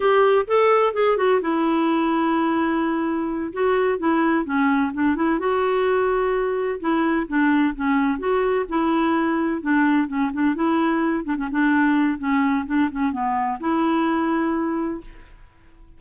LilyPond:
\new Staff \with { instrumentName = "clarinet" } { \time 4/4 \tempo 4 = 128 g'4 a'4 gis'8 fis'8 e'4~ | e'2.~ e'8 fis'8~ | fis'8 e'4 cis'4 d'8 e'8 fis'8~ | fis'2~ fis'8 e'4 d'8~ |
d'8 cis'4 fis'4 e'4.~ | e'8 d'4 cis'8 d'8 e'4. | d'16 cis'16 d'4. cis'4 d'8 cis'8 | b4 e'2. | }